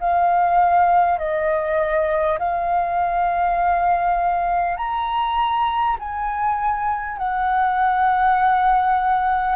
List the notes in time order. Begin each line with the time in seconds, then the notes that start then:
0.00 F5
1.18 D#5
2.38 F5
4.77 A#5
5.99 G#5
7.18 F#5